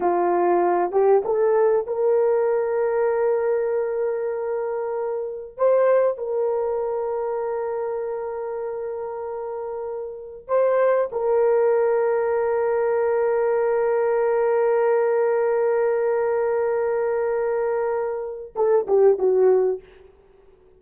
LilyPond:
\new Staff \with { instrumentName = "horn" } { \time 4/4 \tempo 4 = 97 f'4. g'8 a'4 ais'4~ | ais'1~ | ais'4 c''4 ais'2~ | ais'1~ |
ais'4 c''4 ais'2~ | ais'1~ | ais'1~ | ais'2 a'8 g'8 fis'4 | }